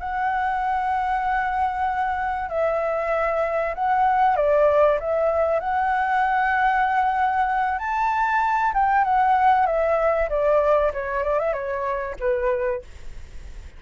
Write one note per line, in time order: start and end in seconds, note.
0.00 2.49 F#5
2.49 3.74 E5
3.75 4.36 F#5
4.36 4.99 D5
5.00 5.60 E5
5.60 7.79 F#5
7.79 8.73 A5
8.74 9.05 G5
9.05 9.66 F#5
9.66 10.29 E5
10.30 10.92 D5
10.94 11.24 C#5
11.24 11.39 D5
11.39 11.53 E5
11.53 12.15 C#5
12.20 12.83 B4